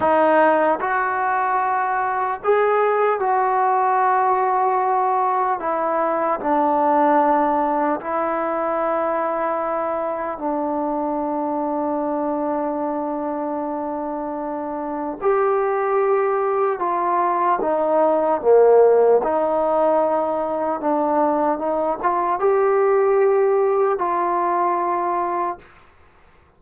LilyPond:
\new Staff \with { instrumentName = "trombone" } { \time 4/4 \tempo 4 = 75 dis'4 fis'2 gis'4 | fis'2. e'4 | d'2 e'2~ | e'4 d'2.~ |
d'2. g'4~ | g'4 f'4 dis'4 ais4 | dis'2 d'4 dis'8 f'8 | g'2 f'2 | }